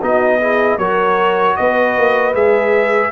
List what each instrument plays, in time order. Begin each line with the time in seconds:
0.00 tuba B3, trombone D#4, horn F#4, trumpet D#5
0.41 trombone E4, horn G#4
0.77 tuba F#3, trombone F#4, horn A#4, trumpet C#5
1.56 tuba B3, horn B4, trumpet D#5
1.97 tuba A#3
2.34 tuba G#3, trombone G#4, trumpet E5